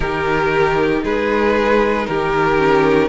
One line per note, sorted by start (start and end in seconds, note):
0.00 1.02 D#3
0.00 2.57 D#4
0.00 1.03 G4
0.00 1.03 A#4
1.03 2.07 G#3
1.03 2.07 G#4
1.03 2.06 B4
2.06 3.09 D#3
2.06 3.09 G4
2.06 3.09 A#4
2.57 3.09 C#4